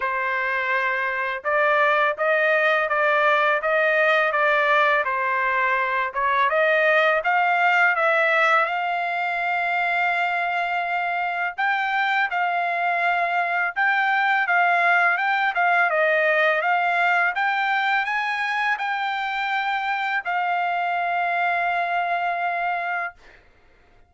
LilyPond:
\new Staff \with { instrumentName = "trumpet" } { \time 4/4 \tempo 4 = 83 c''2 d''4 dis''4 | d''4 dis''4 d''4 c''4~ | c''8 cis''8 dis''4 f''4 e''4 | f''1 |
g''4 f''2 g''4 | f''4 g''8 f''8 dis''4 f''4 | g''4 gis''4 g''2 | f''1 | }